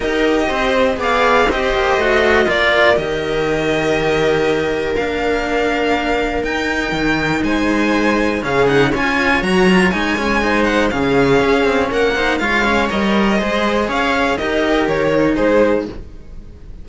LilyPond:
<<
  \new Staff \with { instrumentName = "violin" } { \time 4/4 \tempo 4 = 121 dis''2 f''4 dis''4~ | dis''4 d''4 dis''2~ | dis''2 f''2~ | f''4 g''2 gis''4~ |
gis''4 f''8 fis''8 gis''4 ais''4 | gis''4. fis''8 f''2 | fis''4 f''4 dis''2 | f''4 dis''4 cis''4 c''4 | }
  \new Staff \with { instrumentName = "viola" } { \time 4/4 ais'4 c''4 d''4 c''4~ | c''4 ais'2.~ | ais'1~ | ais'2. c''4~ |
c''4 gis'4 cis''2~ | cis''4 c''4 gis'2 | ais'8 c''8 cis''2 c''4 | cis''4 ais'2 gis'4 | }
  \new Staff \with { instrumentName = "cello" } { \time 4/4 g'2 gis'4 g'4 | fis'4 f'4 g'2~ | g'2 d'2~ | d'4 dis'2.~ |
dis'4 cis'8 dis'8 f'4 fis'8 f'8 | dis'8 cis'8 dis'4 cis'2~ | cis'8 dis'8 f'8 cis'8 ais'4 gis'4~ | gis'4 g'4. dis'4. | }
  \new Staff \with { instrumentName = "cello" } { \time 4/4 dis'4 c'4 b4 c'8 ais8 | a4 ais4 dis2~ | dis2 ais2~ | ais4 dis'4 dis4 gis4~ |
gis4 cis4 cis'4 fis4 | gis2 cis4 cis'8 c'8 | ais4 gis4 g4 gis4 | cis'4 dis'4 dis4 gis4 | }
>>